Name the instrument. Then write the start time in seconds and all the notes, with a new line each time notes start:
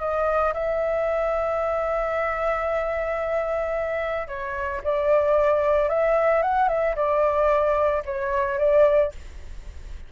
flute
0.00 D#5
0.54 E5
4.28 C#5
4.84 D5
5.89 E5
6.43 F#5
6.69 E5
6.96 D5
8.06 C#5
8.59 D5